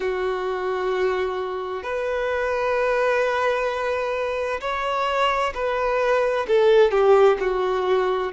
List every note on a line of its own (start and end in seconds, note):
0.00 1.83 F#4
1.83 4.60 B4
4.60 5.53 C#5
5.54 6.46 B4
6.47 6.91 A4
6.91 7.37 G4
7.40 8.32 F#4